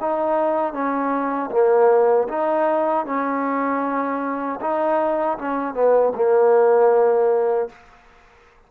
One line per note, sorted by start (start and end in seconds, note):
0.00 0.73 D#4
0.73 1.50 C#4
1.50 2.27 A#3
2.28 3.05 D#4
3.05 4.59 C#4
4.60 5.37 D#4
5.37 5.74 C#4
5.74 6.12 B3
6.15 7.69 A#3